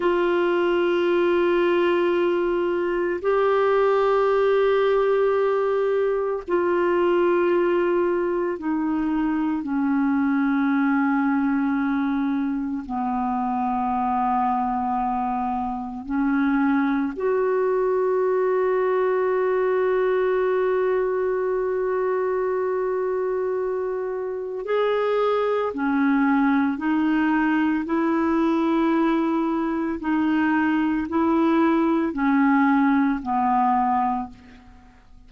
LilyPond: \new Staff \with { instrumentName = "clarinet" } { \time 4/4 \tempo 4 = 56 f'2. g'4~ | g'2 f'2 | dis'4 cis'2. | b2. cis'4 |
fis'1~ | fis'2. gis'4 | cis'4 dis'4 e'2 | dis'4 e'4 cis'4 b4 | }